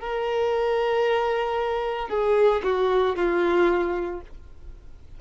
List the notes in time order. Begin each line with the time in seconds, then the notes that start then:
0.00 A#4
2.09 G#4
2.63 F#4
3.16 F4